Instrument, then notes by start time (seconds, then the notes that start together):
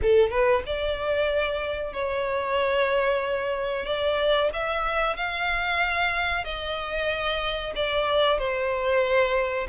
violin
0.02 A4
0.30 B4
0.66 D5
1.93 C#5
3.85 D5
4.53 E5
5.16 F5
6.44 D#5
7.75 D5
8.38 C5